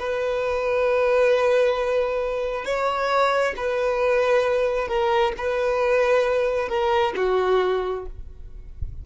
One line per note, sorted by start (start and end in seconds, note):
0.00 2.65 B4
2.65 3.55 C#5
3.57 4.88 B4
4.88 5.33 A#4
5.38 6.69 B4
6.69 7.14 A#4
7.16 8.06 F#4